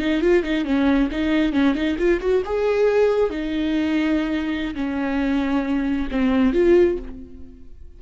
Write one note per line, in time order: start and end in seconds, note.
0.00 0.21 D#4
0.21 0.43 F4
0.43 0.65 D#4
0.65 1.09 C#4
1.12 1.53 D#4
1.53 1.75 C#4
1.75 1.97 D#4
1.99 2.21 F4
2.21 2.43 F#4
2.45 3.30 G#4
3.30 4.75 D#4
4.75 6.08 C#4
6.12 6.54 C4
6.54 6.98 F4